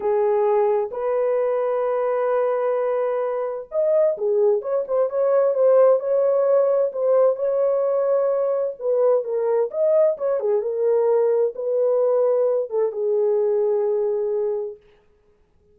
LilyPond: \new Staff \with { instrumentName = "horn" } { \time 4/4 \tempo 4 = 130 gis'2 b'2~ | b'1 | dis''4 gis'4 cis''8 c''8 cis''4 | c''4 cis''2 c''4 |
cis''2. b'4 | ais'4 dis''4 cis''8 gis'8 ais'4~ | ais'4 b'2~ b'8 a'8 | gis'1 | }